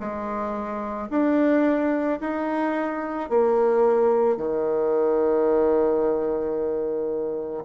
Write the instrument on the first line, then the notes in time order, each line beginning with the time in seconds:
bassoon
0.00 G#3
1.11 D4
2.21 D#4
3.30 A#3
4.37 D#3